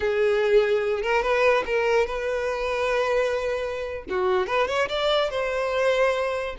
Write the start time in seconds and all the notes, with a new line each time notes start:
0.00 G#4
1.02 A#4
1.22 B4
1.66 A#4
2.06 B4
4.09 F#4
4.47 B4
4.67 C#5
4.88 D5
5.30 C5